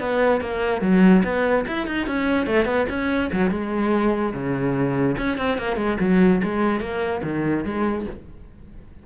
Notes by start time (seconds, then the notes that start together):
0.00 B3
0.41 A#3
0.81 F#3
1.24 B3
1.67 E4
1.87 D#4
2.07 C#4
2.46 A3
2.65 B3
2.89 C#4
3.32 F#3
3.50 G#3
4.34 C#3
5.18 C#4
5.38 C4
5.58 A#3
5.76 G#3
6.00 F#3
6.43 G#3
6.80 A#3
7.23 D#3
7.64 G#3